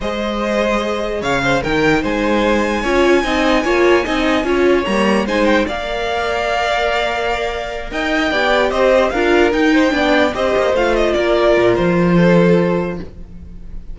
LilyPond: <<
  \new Staff \with { instrumentName = "violin" } { \time 4/4 \tempo 4 = 148 dis''2. f''4 | g''4 gis''2.~ | gis''1 | ais''4 gis''8 g''8 f''2~ |
f''2.~ f''8 g''8~ | g''4. dis''4 f''4 g''8~ | g''4. dis''4 f''8 dis''8 d''8~ | d''4 c''2. | }
  \new Staff \with { instrumentName = "violin" } { \time 4/4 c''2. cis''8 c''8 | ais'4 c''2 cis''4 | dis''4 cis''4 dis''4 cis''4~ | cis''4 c''4 d''2~ |
d''2.~ d''8 dis''8~ | dis''8 d''4 c''4 ais'4. | c''8 d''4 c''2 ais'8~ | ais'2 a'2 | }
  \new Staff \with { instrumentName = "viola" } { \time 4/4 gis'1 | dis'2. f'4 | dis'4 f'4 dis'4 f'4 | ais4 dis'4 ais'2~ |
ais'1~ | ais'8 g'2 f'4 dis'8~ | dis'8 d'4 g'4 f'4.~ | f'1 | }
  \new Staff \with { instrumentName = "cello" } { \time 4/4 gis2. cis4 | dis4 gis2 cis'4 | c'4 ais4 c'4 cis'4 | g4 gis4 ais2~ |
ais2.~ ais8 dis'8~ | dis'8 b4 c'4 d'4 dis'8~ | dis'8 b4 c'8 ais8 a4 ais8~ | ais8 ais,8 f2. | }
>>